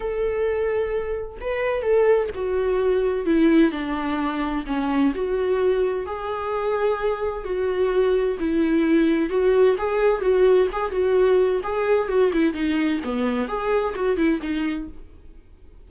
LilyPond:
\new Staff \with { instrumentName = "viola" } { \time 4/4 \tempo 4 = 129 a'2. b'4 | a'4 fis'2 e'4 | d'2 cis'4 fis'4~ | fis'4 gis'2. |
fis'2 e'2 | fis'4 gis'4 fis'4 gis'8 fis'8~ | fis'4 gis'4 fis'8 e'8 dis'4 | b4 gis'4 fis'8 e'8 dis'4 | }